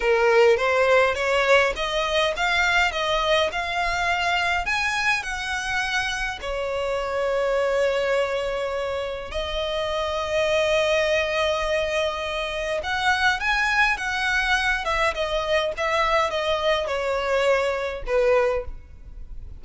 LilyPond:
\new Staff \with { instrumentName = "violin" } { \time 4/4 \tempo 4 = 103 ais'4 c''4 cis''4 dis''4 | f''4 dis''4 f''2 | gis''4 fis''2 cis''4~ | cis''1 |
dis''1~ | dis''2 fis''4 gis''4 | fis''4. e''8 dis''4 e''4 | dis''4 cis''2 b'4 | }